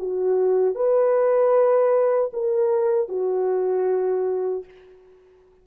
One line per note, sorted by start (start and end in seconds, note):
0.00 0.76 F#4
0.76 2.32 B4
2.34 3.09 A#4
3.09 4.65 F#4